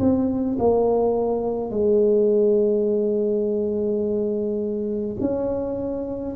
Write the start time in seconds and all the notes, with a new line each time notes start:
0.00 C4
0.59 A#3
1.70 G#3
5.21 C#4